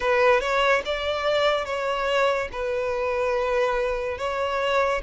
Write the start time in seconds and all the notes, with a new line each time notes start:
0.00 B4
0.40 C#5
0.85 D5
1.65 C#5
2.52 B4
4.18 C#5